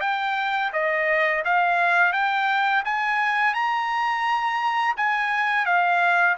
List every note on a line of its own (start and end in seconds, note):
0.00 0.71 G5
0.73 1.43 D#5
1.45 2.12 F5
2.12 2.83 G5
2.85 3.53 G#5
3.53 4.94 A#5
4.96 5.65 G#5
5.65 6.36 F5